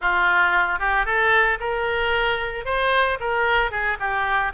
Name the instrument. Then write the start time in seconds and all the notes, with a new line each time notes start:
oboe
0.01 F4
0.79 G4
1.05 A4
1.60 A#4
2.65 C5
3.20 A#4
3.71 G#4
3.99 G4